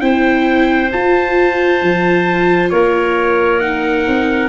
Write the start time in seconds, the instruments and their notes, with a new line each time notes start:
0.00 tuba C4, viola E4, clarinet C5, trumpet G5
0.91 tuba F4, viola F4, trumpet A5
1.82 tuba F3
2.69 tuba A#3, clarinet A#4, trumpet C#5
3.59 viola D#4, trumpet F#5
4.07 tuba C4